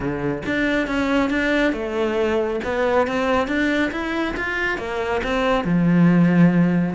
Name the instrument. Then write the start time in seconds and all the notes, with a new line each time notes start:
cello
0.00 D3
0.46 D4
0.87 C#4
1.30 D4
1.73 A3
2.63 B3
3.07 C4
3.47 D4
3.91 E4
4.36 F4
4.77 A#3
5.23 C4
5.64 F3